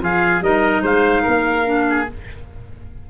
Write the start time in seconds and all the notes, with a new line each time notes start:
0.00 F3 F4 G#4 F5
0.41 G3 D#4 A#4 D#5
0.82 G#3 C5 F5
1.23 A#3 A#4
1.65 D4
1.89 G#4